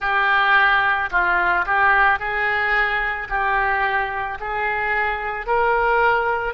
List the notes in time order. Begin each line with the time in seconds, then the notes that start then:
0.00 G4
1.11 F4
1.66 G4
2.19 G#4
3.29 G4
4.39 G#4
5.46 A#4